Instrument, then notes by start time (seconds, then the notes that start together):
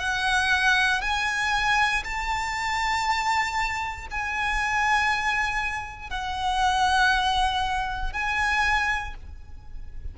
violin
0.00 F#5
1.02 G#5
2.04 A5
4.11 G#5
6.11 F#5
8.13 G#5